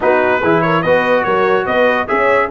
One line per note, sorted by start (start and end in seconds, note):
0.00 0.42 B3
0.00 0.41 D#4
0.00 0.41 F#4
0.00 0.61 B4
0.41 0.84 E3
0.41 0.85 E4
0.41 0.62 G#4
0.61 0.82 A#4
0.61 0.82 C#5
0.82 1.25 B3
0.82 2.07 F#4
0.82 1.24 B4
0.82 1.23 D#5
1.23 1.66 F#3
1.23 1.66 A#4
1.23 1.65 C#5
1.66 2.08 B3
1.66 2.08 B4
1.66 2.07 D#5
2.07 2.50 C#4
2.07 2.49 G#4
2.07 2.50 C#5
2.07 2.49 E5